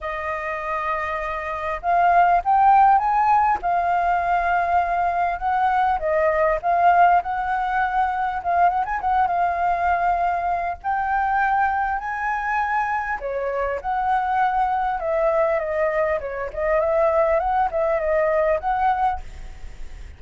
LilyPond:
\new Staff \with { instrumentName = "flute" } { \time 4/4 \tempo 4 = 100 dis''2. f''4 | g''4 gis''4 f''2~ | f''4 fis''4 dis''4 f''4 | fis''2 f''8 fis''16 gis''16 fis''8 f''8~ |
f''2 g''2 | gis''2 cis''4 fis''4~ | fis''4 e''4 dis''4 cis''8 dis''8 | e''4 fis''8 e''8 dis''4 fis''4 | }